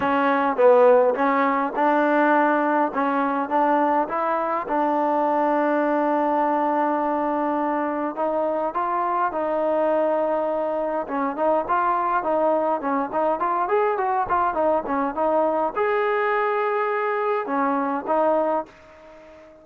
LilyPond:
\new Staff \with { instrumentName = "trombone" } { \time 4/4 \tempo 4 = 103 cis'4 b4 cis'4 d'4~ | d'4 cis'4 d'4 e'4 | d'1~ | d'2 dis'4 f'4 |
dis'2. cis'8 dis'8 | f'4 dis'4 cis'8 dis'8 f'8 gis'8 | fis'8 f'8 dis'8 cis'8 dis'4 gis'4~ | gis'2 cis'4 dis'4 | }